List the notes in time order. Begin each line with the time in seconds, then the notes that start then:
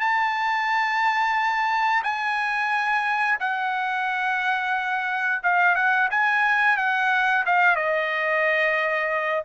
0.00 A5
2.03 G#5
3.40 F#5
5.43 F5
5.75 F#5
6.10 G#5
6.77 F#5
7.46 F5
7.76 D#5